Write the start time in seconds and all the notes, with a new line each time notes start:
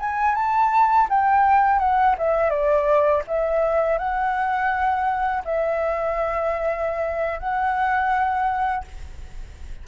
0.00 G#5
0.35 A5
1.09 G5
1.79 F#5
2.18 E5
2.50 D5
3.28 E5
3.99 F#5
5.45 E5
7.40 F#5